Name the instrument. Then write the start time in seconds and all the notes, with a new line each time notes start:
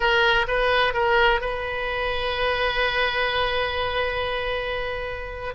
oboe
0.00 A#4
0.47 B4
0.93 A#4
1.40 B4